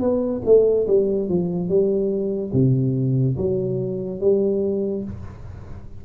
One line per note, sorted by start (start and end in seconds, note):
0.00 0.42 B3
0.45 0.87 A3
0.87 1.29 G3
1.29 1.69 F3
1.69 2.52 G3
2.53 3.36 C3
3.37 4.20 F#3
4.20 5.03 G3